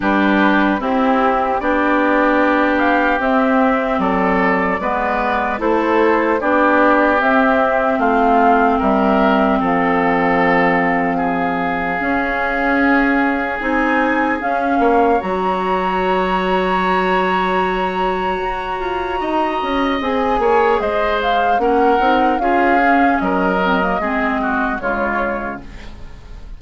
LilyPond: <<
  \new Staff \with { instrumentName = "flute" } { \time 4/4 \tempo 4 = 75 b'4 g'4 d''4. f''8 | e''4 d''2 c''4 | d''4 e''4 f''4 e''4 | f''1~ |
f''4 gis''4 f''4 ais''4~ | ais''1~ | ais''4 gis''4 dis''8 f''8 fis''4 | f''4 dis''2 cis''4 | }
  \new Staff \with { instrumentName = "oboe" } { \time 4/4 g'4 e'4 g'2~ | g'4 a'4 b'4 a'4 | g'2 f'4 ais'4 | a'2 gis'2~ |
gis'2~ gis'8 cis''4.~ | cis''1 | dis''4. cis''8 c''4 ais'4 | gis'4 ais'4 gis'8 fis'8 f'4 | }
  \new Staff \with { instrumentName = "clarinet" } { \time 4/4 d'4 c'4 d'2 | c'2 b4 e'4 | d'4 c'2.~ | c'2. cis'4~ |
cis'4 dis'4 cis'4 fis'4~ | fis'1~ | fis'4 gis'2 cis'8 dis'8 | f'8 cis'4 c'16 ais16 c'4 gis4 | }
  \new Staff \with { instrumentName = "bassoon" } { \time 4/4 g4 c'4 b2 | c'4 fis4 gis4 a4 | b4 c'4 a4 g4 | f2. cis'4~ |
cis'4 c'4 cis'8 ais8 fis4~ | fis2. fis'8 f'8 | dis'8 cis'8 c'8 ais8 gis4 ais8 c'8 | cis'4 fis4 gis4 cis4 | }
>>